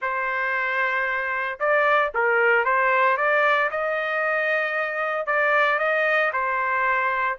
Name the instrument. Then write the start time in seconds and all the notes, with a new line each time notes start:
trumpet
0.01 C5
1.59 D5
2.14 A#4
2.64 C5
3.17 D5
3.70 D#5
5.26 D5
5.78 D#5
6.32 C5